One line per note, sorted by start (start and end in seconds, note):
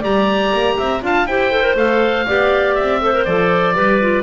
0.00 0.52 G3
0.00 1.01 G4
0.00 0.74 D5
0.00 1.03 A#5
0.52 0.77 A#3
0.78 1.02 C4
0.78 1.03 E5
1.01 1.25 D4
1.01 1.26 F4
1.01 1.28 F5
1.01 1.26 A5
1.25 1.74 E4
1.25 1.51 G4
1.25 2.27 C5
1.25 1.76 G5
1.51 1.62 A4
1.62 1.75 A#4
1.74 2.24 A3
1.74 2.26 A4
1.74 2.74 F5
2.27 2.79 B3
2.27 3.01 G4
2.27 3.01 D5
2.74 3.26 C4
2.74 3.24 E5
3.01 3.13 A4
3.01 3.75 C5
3.13 3.26 A#4
3.25 3.75 F3
3.25 3.74 A4
3.25 4.23 D5
3.74 4.23 G3
3.74 3.99 G4
3.74 4.23 B4
4.01 4.23 F4